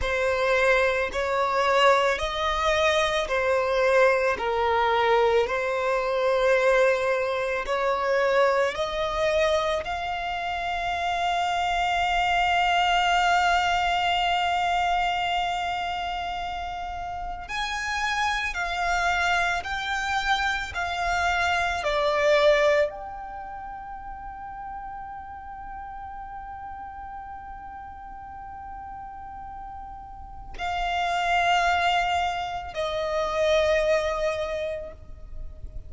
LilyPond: \new Staff \with { instrumentName = "violin" } { \time 4/4 \tempo 4 = 55 c''4 cis''4 dis''4 c''4 | ais'4 c''2 cis''4 | dis''4 f''2.~ | f''1 |
gis''4 f''4 g''4 f''4 | d''4 g''2.~ | g''1 | f''2 dis''2 | }